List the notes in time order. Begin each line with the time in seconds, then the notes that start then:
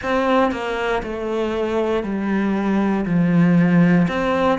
0.02 C4
0.51 A#3
1.02 A3
2.03 G3
3.05 F3
4.07 C4